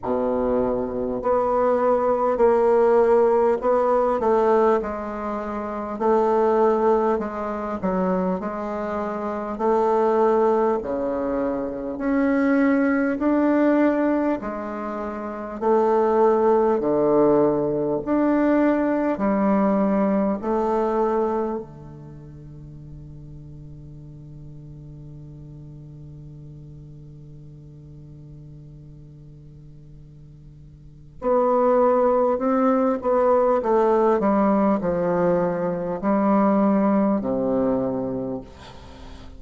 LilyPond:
\new Staff \with { instrumentName = "bassoon" } { \time 4/4 \tempo 4 = 50 b,4 b4 ais4 b8 a8 | gis4 a4 gis8 fis8 gis4 | a4 cis4 cis'4 d'4 | gis4 a4 d4 d'4 |
g4 a4 d2~ | d1~ | d2 b4 c'8 b8 | a8 g8 f4 g4 c4 | }